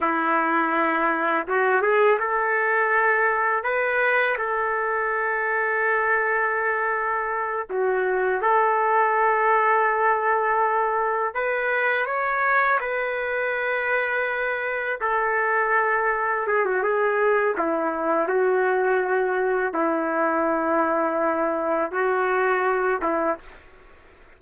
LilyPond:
\new Staff \with { instrumentName = "trumpet" } { \time 4/4 \tempo 4 = 82 e'2 fis'8 gis'8 a'4~ | a'4 b'4 a'2~ | a'2~ a'8 fis'4 a'8~ | a'2.~ a'8 b'8~ |
b'8 cis''4 b'2~ b'8~ | b'8 a'2 gis'16 fis'16 gis'4 | e'4 fis'2 e'4~ | e'2 fis'4. e'8 | }